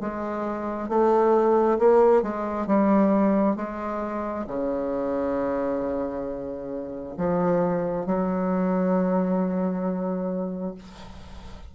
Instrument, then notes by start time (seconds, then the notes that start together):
bassoon
0.00 G#3
0.89 A3
1.79 A#3
2.22 G#3
2.66 G3
3.56 G#3
4.47 C#3
7.17 F3
8.06 F#3